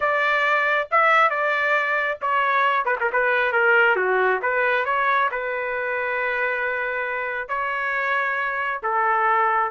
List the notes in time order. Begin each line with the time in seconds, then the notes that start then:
0.00 D5
0.91 E5
1.30 D5
2.21 C#5
2.85 B4
3.00 A#4
3.12 B4
3.52 A#4
3.96 F#4
4.41 B4
4.85 C#5
5.31 B4
7.48 C#5
8.83 A4